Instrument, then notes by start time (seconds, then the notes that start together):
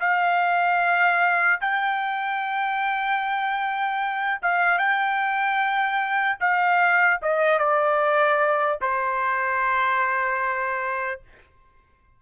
trumpet
0.00 F5
1.61 G5
4.42 F5
4.78 G5
6.40 F5
7.22 D#5
7.59 D5
8.81 C5